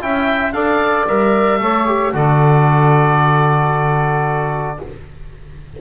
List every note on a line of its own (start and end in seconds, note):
0.00 0.52 C#4
0.00 0.53 E4
0.00 0.54 E5
0.00 0.53 G5
0.52 1.05 D4
0.52 1.07 A4
0.52 1.60 D5
0.52 1.06 F5
1.07 1.60 G3
1.07 1.60 A#4
1.07 2.13 E5
1.60 2.13 A3
1.60 1.86 A4
1.60 2.13 C#5
1.86 2.13 G4
2.13 4.79 D3
2.13 4.78 F#4
2.13 4.79 A4
2.13 4.80 D5